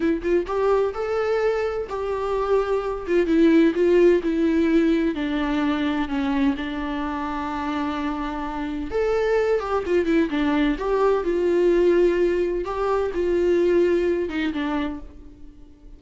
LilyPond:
\new Staff \with { instrumentName = "viola" } { \time 4/4 \tempo 4 = 128 e'8 f'8 g'4 a'2 | g'2~ g'8 f'8 e'4 | f'4 e'2 d'4~ | d'4 cis'4 d'2~ |
d'2. a'4~ | a'8 g'8 f'8 e'8 d'4 g'4 | f'2. g'4 | f'2~ f'8 dis'8 d'4 | }